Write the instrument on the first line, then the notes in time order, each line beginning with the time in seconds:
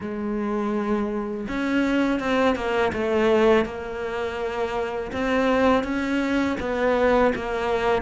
cello
0.00 G#3
1.48 C#4
2.20 C4
2.55 A#3
2.93 A3
3.65 A#3
5.12 C4
5.83 C#4
6.60 B3
7.35 A#3